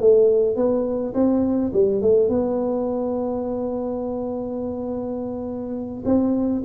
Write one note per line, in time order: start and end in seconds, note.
0.00 0.56 A3
0.56 1.14 B3
1.14 1.72 C4
1.73 2.01 G3
2.01 2.29 A3
2.29 6.04 B3
6.05 6.63 C4